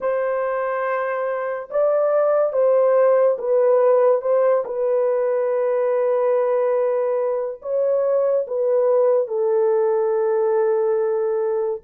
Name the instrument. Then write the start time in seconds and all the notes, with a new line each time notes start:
horn
0.00 C5
1.70 D5
2.52 C5
3.38 B4
4.21 C5
4.65 B4
7.61 C#5
8.47 B4
9.27 A4